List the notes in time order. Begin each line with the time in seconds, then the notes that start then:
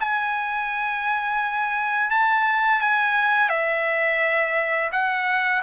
0.00 G#5
2.10 A5
2.81 G#5
3.49 E5
4.92 F#5